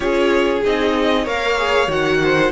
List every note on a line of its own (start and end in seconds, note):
0.00 0.61 C#4
0.00 0.63 F4
0.00 1.23 G#4
0.00 0.62 C#5
0.64 1.27 C4
0.64 1.26 D#4
0.64 1.27 D#5
1.23 1.87 A#3
1.23 1.57 A#4
1.23 2.18 C#5
1.23 1.90 F5
1.57 1.88 G#4
1.87 2.51 D#3
1.87 2.51 F#4
1.87 2.51 F#5
2.23 2.51 C5